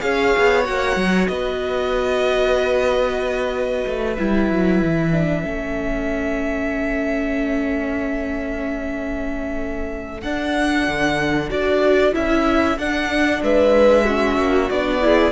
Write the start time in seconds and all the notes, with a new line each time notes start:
0.00 C#4 G#4 C#5 F5
0.38 B3
0.65 A#3 F#4 F#5
0.97 F#3
1.28 B3 B4 D#5
3.86 A3
4.15 G3 E4 E5
4.51 F#3
4.83 E3
5.13 D4
5.43 A3 C#4 A4
10.23 D4 F#5
10.88 D3
11.50 D4 F#4 D5
12.13 C#4 E4 E5
12.78 D4 F#5
13.43 G#3 B4 E5
14.05 C#4 F#4
14.38 A#3
14.70 B3 D4 D5
15.02 E4 G#4